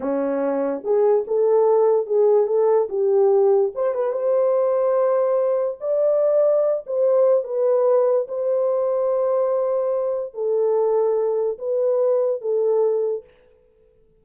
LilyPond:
\new Staff \with { instrumentName = "horn" } { \time 4/4 \tempo 4 = 145 cis'2 gis'4 a'4~ | a'4 gis'4 a'4 g'4~ | g'4 c''8 b'8 c''2~ | c''2 d''2~ |
d''8 c''4. b'2 | c''1~ | c''4 a'2. | b'2 a'2 | }